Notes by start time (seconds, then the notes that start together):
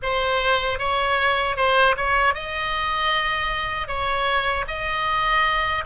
0.02 C5
0.78 C#5
1.56 C5
1.96 C#5
2.34 D#5
3.87 C#5
4.67 D#5